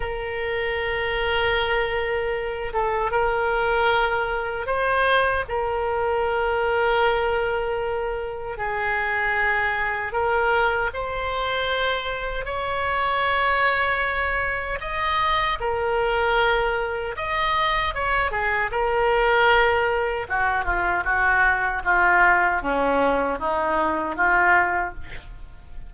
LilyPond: \new Staff \with { instrumentName = "oboe" } { \time 4/4 \tempo 4 = 77 ais'2.~ ais'8 a'8 | ais'2 c''4 ais'4~ | ais'2. gis'4~ | gis'4 ais'4 c''2 |
cis''2. dis''4 | ais'2 dis''4 cis''8 gis'8 | ais'2 fis'8 f'8 fis'4 | f'4 cis'4 dis'4 f'4 | }